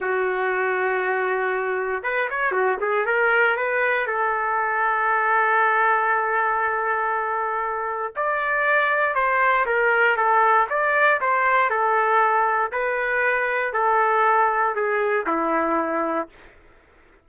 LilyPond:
\new Staff \with { instrumentName = "trumpet" } { \time 4/4 \tempo 4 = 118 fis'1 | b'8 cis''8 fis'8 gis'8 ais'4 b'4 | a'1~ | a'1 |
d''2 c''4 ais'4 | a'4 d''4 c''4 a'4~ | a'4 b'2 a'4~ | a'4 gis'4 e'2 | }